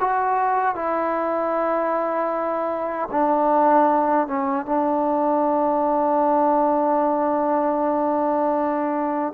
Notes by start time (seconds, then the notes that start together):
0.00 F#4
0.75 E4
3.11 D4
4.28 C#4
4.66 D4